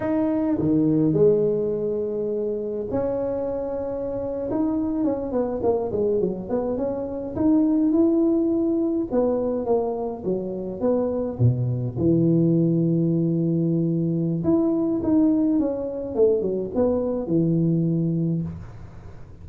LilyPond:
\new Staff \with { instrumentName = "tuba" } { \time 4/4 \tempo 4 = 104 dis'4 dis4 gis2~ | gis4 cis'2~ cis'8. dis'16~ | dis'8. cis'8 b8 ais8 gis8 fis8 b8 cis'16~ | cis'8. dis'4 e'2 b16~ |
b8. ais4 fis4 b4 b,16~ | b,8. e2.~ e16~ | e4 e'4 dis'4 cis'4 | a8 fis8 b4 e2 | }